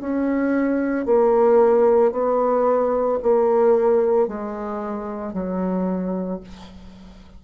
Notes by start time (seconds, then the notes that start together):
0.00 C#4
1.06 A#3
2.12 B3
3.22 A#3
4.28 G#3
5.33 F#3